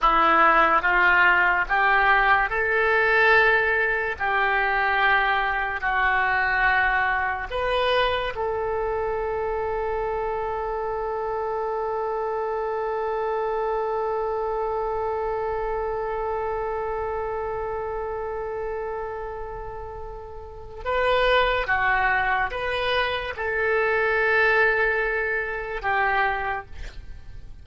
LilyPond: \new Staff \with { instrumentName = "oboe" } { \time 4/4 \tempo 4 = 72 e'4 f'4 g'4 a'4~ | a'4 g'2 fis'4~ | fis'4 b'4 a'2~ | a'1~ |
a'1~ | a'1~ | a'4 b'4 fis'4 b'4 | a'2. g'4 | }